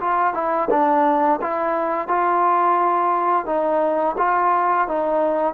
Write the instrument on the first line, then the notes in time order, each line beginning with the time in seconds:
trombone
0.00 F4
0.34 E4
0.70 D4
1.41 E4
2.08 F4
3.46 D#4
4.18 F4
4.88 D#4